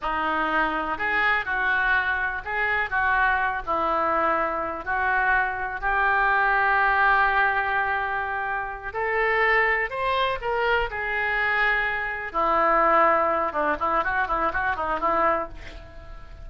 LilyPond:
\new Staff \with { instrumentName = "oboe" } { \time 4/4 \tempo 4 = 124 dis'2 gis'4 fis'4~ | fis'4 gis'4 fis'4. e'8~ | e'2 fis'2 | g'1~ |
g'2~ g'8 a'4.~ | a'8 c''4 ais'4 gis'4.~ | gis'4. e'2~ e'8 | d'8 e'8 fis'8 e'8 fis'8 dis'8 e'4 | }